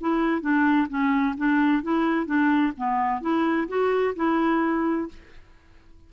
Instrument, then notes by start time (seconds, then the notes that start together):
clarinet
0.00 E4
0.41 D4
0.88 C#4
1.37 D4
1.83 E4
2.26 D4
2.77 B3
3.21 E4
3.68 F#4
4.15 E4